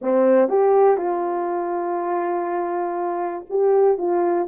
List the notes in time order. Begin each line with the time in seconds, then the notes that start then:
0.01 C4
0.48 G4
0.97 F4
3.49 G4
3.98 F4